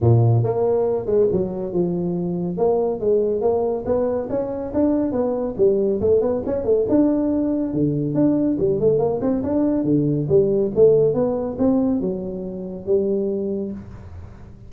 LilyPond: \new Staff \with { instrumentName = "tuba" } { \time 4/4 \tempo 4 = 140 ais,4 ais4. gis8 fis4 | f2 ais4 gis4 | ais4 b4 cis'4 d'4 | b4 g4 a8 b8 cis'8 a8 |
d'2 d4 d'4 | g8 a8 ais8 c'8 d'4 d4 | g4 a4 b4 c'4 | fis2 g2 | }